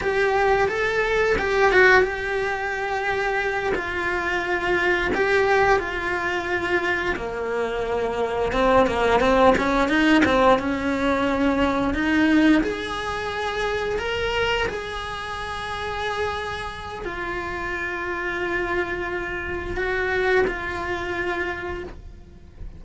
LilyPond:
\new Staff \with { instrumentName = "cello" } { \time 4/4 \tempo 4 = 88 g'4 a'4 g'8 fis'8 g'4~ | g'4. f'2 g'8~ | g'8 f'2 ais4.~ | ais8 c'8 ais8 c'8 cis'8 dis'8 c'8 cis'8~ |
cis'4. dis'4 gis'4.~ | gis'8 ais'4 gis'2~ gis'8~ | gis'4 f'2.~ | f'4 fis'4 f'2 | }